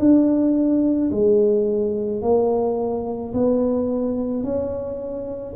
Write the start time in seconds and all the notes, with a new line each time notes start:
0.00 D4
1.12 G#3
2.22 A#3
3.34 B3
4.44 C#4